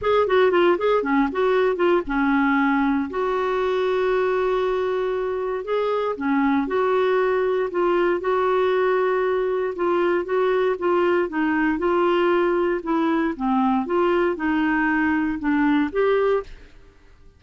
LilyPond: \new Staff \with { instrumentName = "clarinet" } { \time 4/4 \tempo 4 = 117 gis'8 fis'8 f'8 gis'8 cis'8 fis'4 f'8 | cis'2 fis'2~ | fis'2. gis'4 | cis'4 fis'2 f'4 |
fis'2. f'4 | fis'4 f'4 dis'4 f'4~ | f'4 e'4 c'4 f'4 | dis'2 d'4 g'4 | }